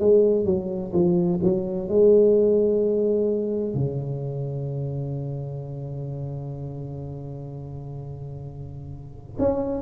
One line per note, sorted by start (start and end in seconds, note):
0.00 0.45 G#3
0.45 0.92 F#3
0.94 1.41 F3
1.43 1.89 F#3
1.89 3.75 G#3
3.75 9.37 C#3
9.39 9.82 C#4